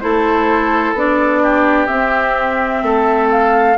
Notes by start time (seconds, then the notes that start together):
0.00 A3 E4 A4 C5
0.94 B3 D4 D5
1.43 G4
1.87 C4 E5
2.83 A3 A4
3.31 F5